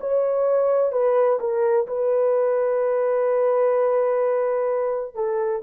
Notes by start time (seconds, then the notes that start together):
0.00 C#5
0.92 B4
1.39 A#4
1.86 B4
5.15 A4